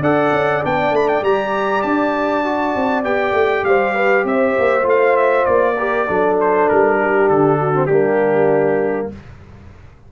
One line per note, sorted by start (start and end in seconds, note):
0.00 0.30 D4
0.00 0.63 A4
0.00 3.64 D5
0.00 0.64 F#5
0.31 0.62 C#4
0.63 0.91 B3
0.63 1.23 D4
0.63 0.95 G5
0.91 1.21 A3
0.91 1.08 B5
1.08 1.23 G5
1.21 1.82 G3
1.21 2.44 G4
1.21 1.82 A#5
1.82 2.74 D4
1.82 3.03 A5
2.44 3.04 F#4
2.75 3.04 C4
3.04 3.32 B3
3.04 4.83 G4
3.04 3.65 G5
3.32 3.63 A3
3.64 4.24 G3
3.64 3.94 C5
3.64 4.25 F5
3.94 4.24 B4
4.24 4.54 C4
4.24 5.77 C5
4.24 4.87 E5
4.59 4.85 A#3
4.83 5.45 A3
4.83 5.74 F4
4.89 5.16 F5
5.16 5.45 E5
5.45 6.08 A#3
5.45 6.36 D5
5.77 6.07 G4
5.77 6.07 A#4
6.07 6.70 F#3
6.07 7.74 D4
6.07 6.98 A4
6.40 6.69 C5
6.69 7.30 G3
6.69 7.29 A#4
7.01 7.59 G4
7.29 7.87 D3
7.29 7.86 A4
7.59 7.88 F#4
7.74 7.89 C4
7.86 9.08 G3
7.86 9.12 A#3
7.86 9.09 D4
7.86 9.07 G4